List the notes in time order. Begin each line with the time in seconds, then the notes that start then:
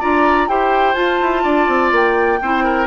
0.00 D4 F4 D5 A#5
0.48 E4 G4 C5 G5
0.94 F4 A5
1.21 E4
1.43 D4 D5
1.68 C4
1.92 A#3 G5
2.42 C4 E4 C5
2.64 A#4